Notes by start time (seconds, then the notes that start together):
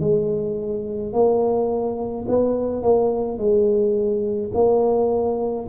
0.00 G#3
1.13 A#3
2.28 B3
2.83 A#3
3.38 G#3
4.54 A#3